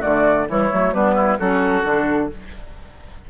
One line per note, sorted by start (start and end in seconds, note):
0.00 0.49 D3
0.00 0.46 A3
0.00 0.45 F#4
0.00 0.47 D5
0.48 0.72 E3
0.48 0.71 G3
0.48 0.94 E4
0.48 0.93 C#5
0.72 0.93 F#3
0.72 0.93 A3
0.93 1.39 G3
0.93 1.39 B3
0.93 1.15 D4
0.93 1.39 B4
1.15 1.37 E4
1.39 1.84 F#3
1.39 1.84 C#4
1.39 2.30 F#4
1.39 2.30 A4
1.84 2.30 D3
1.84 2.30 D4